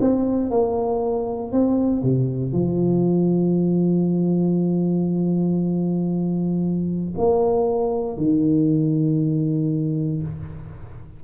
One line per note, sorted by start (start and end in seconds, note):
0.00 0.50 C4
0.50 1.52 A#3
1.52 2.02 C4
2.02 2.52 C3
2.52 7.14 F3
7.17 8.17 A#3
8.17 10.22 D#3